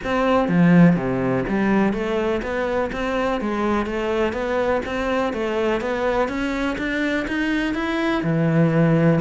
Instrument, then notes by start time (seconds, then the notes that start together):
cello
0.04 C4
0.48 F3
0.96 C3
1.48 G3
1.93 A3
2.42 B3
2.92 C4
3.40 G#3
3.86 A3
4.32 B3
4.85 C4
5.33 A3
5.80 B3
6.28 C#4
6.78 D4
7.27 D#4
7.74 E4
8.23 E3